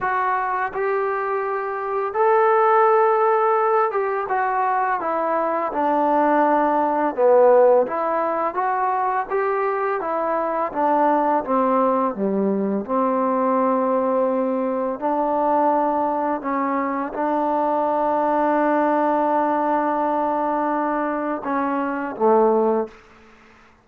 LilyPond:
\new Staff \with { instrumentName = "trombone" } { \time 4/4 \tempo 4 = 84 fis'4 g'2 a'4~ | a'4. g'8 fis'4 e'4 | d'2 b4 e'4 | fis'4 g'4 e'4 d'4 |
c'4 g4 c'2~ | c'4 d'2 cis'4 | d'1~ | d'2 cis'4 a4 | }